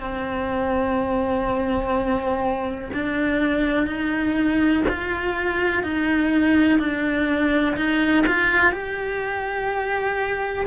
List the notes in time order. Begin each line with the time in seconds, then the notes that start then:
0.00 C4
2.93 D4
3.87 D#4
4.89 F4
5.83 D#4
6.79 D4
7.76 D#4
8.27 F4
8.72 G4